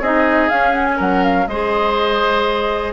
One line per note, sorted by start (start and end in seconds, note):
0.00 0.49 C4
0.00 0.50 D#4
0.00 0.96 G#4
0.00 0.49 D#5
0.49 1.48 C#4
0.49 1.00 C#4
0.49 0.73 F5
0.73 0.85 F#5
0.85 0.97 G#5
0.96 1.47 F#3
0.96 1.45 A#4
0.96 1.24 F#5
1.24 1.47 F5
1.47 2.93 G#3
1.47 2.93 G#4
1.47 2.93 C5
1.47 2.93 D#5